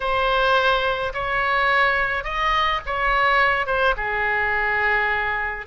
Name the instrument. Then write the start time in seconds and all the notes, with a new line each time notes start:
oboe
0.00 C5
1.13 C#5
2.24 D#5
2.86 C#5
3.66 C5
3.96 G#4